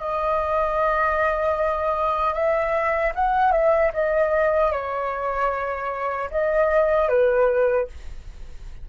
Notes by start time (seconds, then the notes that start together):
0.00 D#5
2.34 E5
3.15 F#5
3.52 E5
3.93 D#5
4.72 C#5
6.31 D#5
7.09 B4